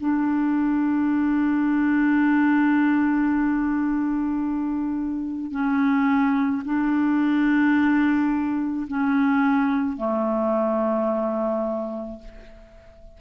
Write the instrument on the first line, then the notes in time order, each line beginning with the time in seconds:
clarinet
0.00 D4
5.51 C#4
6.64 D4
8.87 C#4
9.96 A3